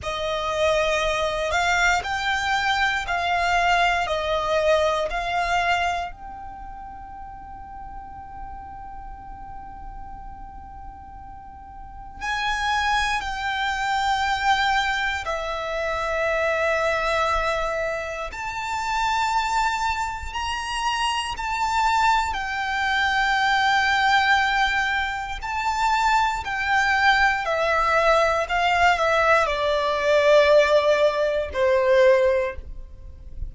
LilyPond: \new Staff \with { instrumentName = "violin" } { \time 4/4 \tempo 4 = 59 dis''4. f''8 g''4 f''4 | dis''4 f''4 g''2~ | g''1 | gis''4 g''2 e''4~ |
e''2 a''2 | ais''4 a''4 g''2~ | g''4 a''4 g''4 e''4 | f''8 e''8 d''2 c''4 | }